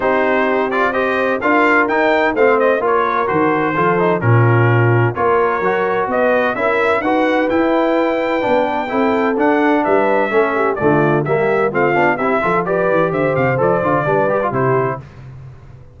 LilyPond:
<<
  \new Staff \with { instrumentName = "trumpet" } { \time 4/4 \tempo 4 = 128 c''4. d''8 dis''4 f''4 | g''4 f''8 dis''8 cis''4 c''4~ | c''4 ais'2 cis''4~ | cis''4 dis''4 e''4 fis''4 |
g''1 | fis''4 e''2 d''4 | e''4 f''4 e''4 d''4 | e''8 f''8 d''2 c''4 | }
  \new Staff \with { instrumentName = "horn" } { \time 4/4 g'2 c''4 ais'4~ | ais'4 c''4 ais'2 | a'4 f'2 ais'4~ | ais'4 b'4 ais'4 b'4~ |
b'2. a'4~ | a'4 b'4 a'8 g'8 f'4 | g'4 f'4 g'8 a'8 b'4 | c''2 b'4 g'4 | }
  \new Staff \with { instrumentName = "trombone" } { \time 4/4 dis'4. f'8 g'4 f'4 | dis'4 c'4 f'4 fis'4 | f'8 dis'8 cis'2 f'4 | fis'2 e'4 fis'4 |
e'2 d'4 e'4 | d'2 cis'4 a4 | ais4 c'8 d'8 e'8 f'8 g'4~ | g'4 a'8 f'8 d'8 g'16 f'16 e'4 | }
  \new Staff \with { instrumentName = "tuba" } { \time 4/4 c'2. d'4 | dis'4 a4 ais4 dis4 | f4 ais,2 ais4 | fis4 b4 cis'4 dis'4 |
e'2 b4 c'4 | d'4 g4 a4 d4 | g4 a8 b8 c'8 f4 e8 | d8 c8 f8 d8 g4 c4 | }
>>